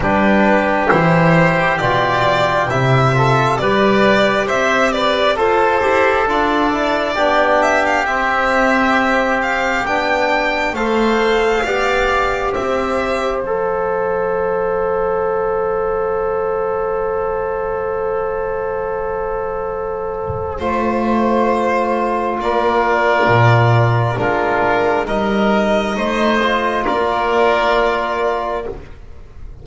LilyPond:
<<
  \new Staff \with { instrumentName = "violin" } { \time 4/4 \tempo 4 = 67 b'4 c''4 d''4 e''4 | d''4 e''8 d''8 c''4 d''4~ | d''8 e''16 f''16 e''4. f''8 g''4 | f''2 e''4 f''4~ |
f''1~ | f''2. c''4~ | c''4 d''2 ais'4 | dis''2 d''2 | }
  \new Staff \with { instrumentName = "oboe" } { \time 4/4 g'2.~ g'8 a'8 | b'4 c''8 b'8 a'2 | g'1 | c''4 d''4 c''2~ |
c''1~ | c''1~ | c''4 ais'2 f'4 | ais'4 c''4 ais'2 | }
  \new Staff \with { instrumentName = "trombone" } { \time 4/4 d'4 e'4 f'4 e'8 f'8 | g'2 a'8 g'8 f'8 e'8 | d'4 c'2 d'4 | a'4 g'2 a'4~ |
a'1~ | a'2. f'4~ | f'2. d'4 | dis'4. f'2~ f'8 | }
  \new Staff \with { instrumentName = "double bass" } { \time 4/4 g4 e4 b,4 c4 | g4 c'4 f'8 e'8 d'4 | b4 c'2 b4 | a4 b4 c'4 f4~ |
f1~ | f2. a4~ | a4 ais4 ais,4 gis4 | g4 a4 ais2 | }
>>